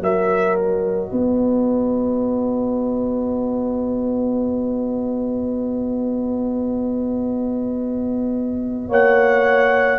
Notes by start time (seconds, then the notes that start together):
0.00 F#3 F#4 A#4 E5
0.56 D#5
1.11 B3 B4
8.88 A#3 C#5 F#5